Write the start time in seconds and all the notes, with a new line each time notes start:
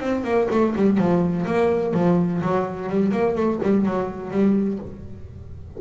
0.00 C4
0.24 A#3
0.50 A3
0.76 G3
0.98 F3
1.46 A#3
1.94 F3
2.42 F#3
2.89 G3
3.12 A#3
3.35 A3
3.63 G3
3.86 F#3
4.31 G3